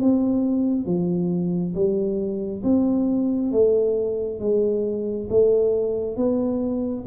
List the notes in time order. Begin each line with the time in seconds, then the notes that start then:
0.00 C4
0.86 F3
1.75 G3
2.64 C4
3.52 A3
4.40 G#3
5.30 A3
6.17 B3